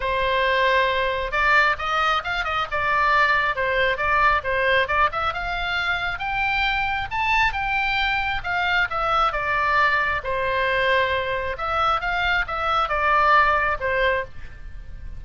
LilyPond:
\new Staff \with { instrumentName = "oboe" } { \time 4/4 \tempo 4 = 135 c''2. d''4 | dis''4 f''8 dis''8 d''2 | c''4 d''4 c''4 d''8 e''8 | f''2 g''2 |
a''4 g''2 f''4 | e''4 d''2 c''4~ | c''2 e''4 f''4 | e''4 d''2 c''4 | }